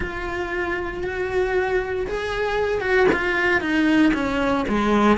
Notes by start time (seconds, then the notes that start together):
0.00 F4
1.03 F#4
2.07 G#4
2.80 F#4
3.12 F4
3.60 D#4
4.13 C#4
4.68 G#3